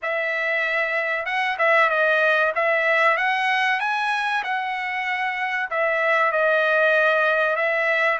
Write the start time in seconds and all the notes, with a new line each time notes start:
0.02 E5
1.25 F#5
1.58 E5
1.89 D#5
2.55 E5
3.17 F#5
3.80 G#5
4.43 F#5
5.70 E5
6.32 D#5
7.56 E5